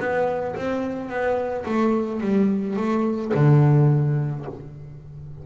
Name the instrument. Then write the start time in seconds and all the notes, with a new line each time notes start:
double bass
0.00 B3
0.56 C4
1.09 B3
1.66 A3
2.21 G3
2.76 A3
3.34 D3